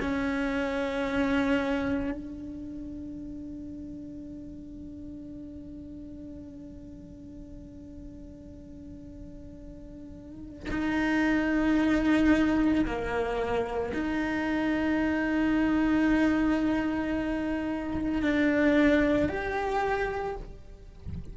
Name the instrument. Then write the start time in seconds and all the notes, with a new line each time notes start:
cello
0.00 C#4
2.11 D4
10.70 D#4
12.85 A#3
13.93 D#4
18.21 D4
19.29 G4